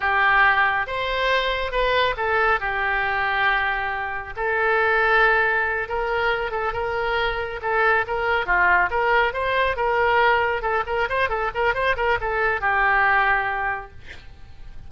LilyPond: \new Staff \with { instrumentName = "oboe" } { \time 4/4 \tempo 4 = 138 g'2 c''2 | b'4 a'4 g'2~ | g'2 a'2~ | a'4. ais'4. a'8 ais'8~ |
ais'4. a'4 ais'4 f'8~ | f'8 ais'4 c''4 ais'4.~ | ais'8 a'8 ais'8 c''8 a'8 ais'8 c''8 ais'8 | a'4 g'2. | }